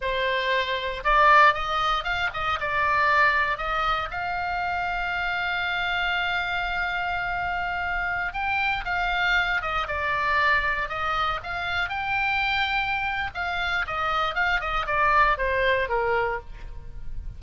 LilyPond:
\new Staff \with { instrumentName = "oboe" } { \time 4/4 \tempo 4 = 117 c''2 d''4 dis''4 | f''8 dis''8 d''2 dis''4 | f''1~ | f''1~ |
f''16 g''4 f''4. dis''8 d''8.~ | d''4~ d''16 dis''4 f''4 g''8.~ | g''2 f''4 dis''4 | f''8 dis''8 d''4 c''4 ais'4 | }